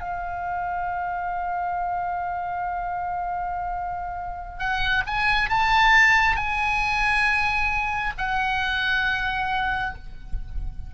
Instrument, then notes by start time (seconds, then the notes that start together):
oboe
0.00 F5
4.59 F#5
5.06 G#5
5.49 A5
6.36 G#5
8.17 F#5